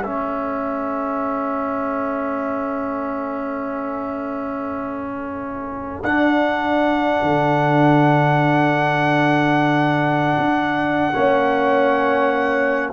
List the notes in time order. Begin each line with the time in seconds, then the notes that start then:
0.00 A3 C#4 A4 E5
6.03 D4 F#5
7.22 D3
10.38 D4
11.13 A#3 C#4 C#5